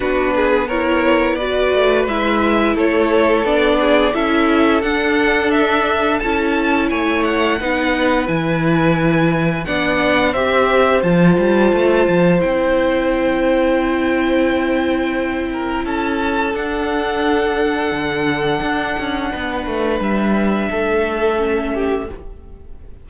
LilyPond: <<
  \new Staff \with { instrumentName = "violin" } { \time 4/4 \tempo 4 = 87 b'4 cis''4 d''4 e''4 | cis''4 d''4 e''4 fis''4 | e''4 a''4 gis''8 fis''4. | gis''2 fis''4 e''4 |
a''2 g''2~ | g''2. a''4 | fis''1~ | fis''4 e''2. | }
  \new Staff \with { instrumentName = "violin" } { \time 4/4 fis'8 gis'8 ais'4 b'2 | a'4. gis'8 a'2~ | a'2 cis''4 b'4~ | b'2 d''4 c''4~ |
c''1~ | c''2~ c''8 ais'8 a'4~ | a'1 | b'2 a'4. g'8 | }
  \new Staff \with { instrumentName = "viola" } { \time 4/4 d'4 e'4 fis'4 e'4~ | e'4 d'4 e'4 d'4~ | d'4 e'2 dis'4 | e'2 d'4 g'4 |
f'2 e'2~ | e'1 | d'1~ | d'2. cis'4 | }
  \new Staff \with { instrumentName = "cello" } { \time 4/4 b2~ b8 a8 gis4 | a4 b4 cis'4 d'4~ | d'4 cis'4 a4 b4 | e2 b4 c'4 |
f8 g8 a8 f8 c'2~ | c'2. cis'4 | d'2 d4 d'8 cis'8 | b8 a8 g4 a2 | }
>>